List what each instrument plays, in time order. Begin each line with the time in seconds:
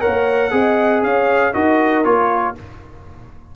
0.00 trombone A#4, horn C#5, trumpet F#5
0.06 tuba A#3
0.50 tuba C4, trombone G#4, horn D#5
1.02 tuba C#4, horn C#5, trumpet F5
1.53 tuba D#4, trombone F#4, horn A#4, trumpet D#5
2.04 tuba A#3, trombone F4, trumpet C#5